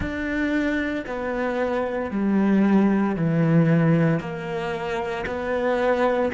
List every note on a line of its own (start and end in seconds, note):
0.00 1.05 D4
1.06 2.11 B3
2.11 3.16 G3
3.16 4.20 E3
4.20 5.25 A#3
5.26 6.32 B3